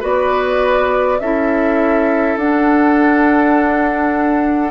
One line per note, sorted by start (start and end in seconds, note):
0.00 1.20 B3
0.00 1.18 F#4
0.00 1.18 B4
0.00 1.20 D5
1.20 2.37 C#4
1.20 2.40 E4
1.20 4.71 A4
1.20 2.37 E5
2.37 4.71 D4
2.37 4.71 F#5